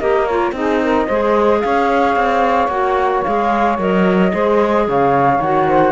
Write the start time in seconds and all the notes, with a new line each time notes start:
0.00 A#3 G4 A#4 D#5
0.26 F4 C#5
0.52 C4 D#4 G#4 D#5
0.83 A#4
1.07 G#3 G#4 C5
1.61 C#4 C#5 F5
2.16 C4
2.68 A#3 F#4 F#5
3.24 G#3 G#4 F5
3.79 F#3 A#4 D#5
4.32 G#3 G#4 C5
4.88 C#3 C#5 F5
5.39 D#3 F#4 F#5
5.68 C5